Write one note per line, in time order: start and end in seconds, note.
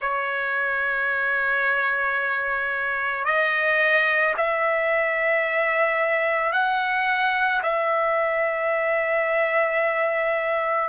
0.00 3.24 C#5
3.24 4.33 D#5
4.37 6.52 E5
6.52 7.61 F#5
7.63 10.89 E5